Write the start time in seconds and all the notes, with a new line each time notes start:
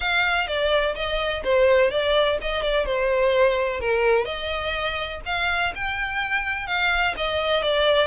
0.00 F5
0.47 D5
0.95 D#5
1.44 C5
1.90 D5
2.41 D#5
2.62 D5
2.85 C5
3.80 A#4
4.25 D#5
5.25 F5
5.75 G5
6.66 F5
7.16 D#5
7.62 D5